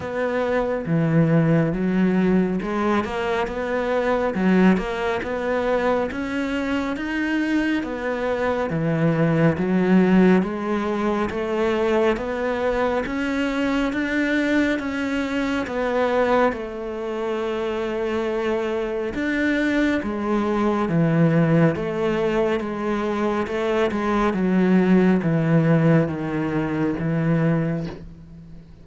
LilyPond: \new Staff \with { instrumentName = "cello" } { \time 4/4 \tempo 4 = 69 b4 e4 fis4 gis8 ais8 | b4 fis8 ais8 b4 cis'4 | dis'4 b4 e4 fis4 | gis4 a4 b4 cis'4 |
d'4 cis'4 b4 a4~ | a2 d'4 gis4 | e4 a4 gis4 a8 gis8 | fis4 e4 dis4 e4 | }